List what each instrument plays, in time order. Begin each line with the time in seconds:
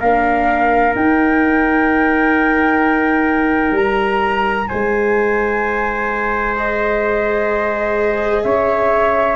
0.00 tuba A#3, viola D4, trumpet A#4, flute F5
0.96 tuba D#4, viola D#4, flute G5
3.71 tuba G3, flute A#5
4.68 tuba G#3, trumpet C5, flute G#5
6.56 viola G#4, flute D#5
8.43 tuba C#4, trumpet C#5, flute E5